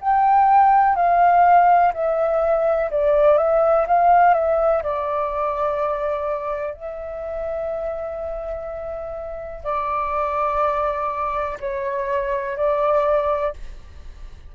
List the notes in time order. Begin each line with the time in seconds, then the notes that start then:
0.00 G5
0.95 F5
1.94 E5
2.91 D5
3.37 E5
3.87 F5
4.34 E5
4.83 D5
6.74 E5
9.64 D5
11.60 C#5
12.57 D5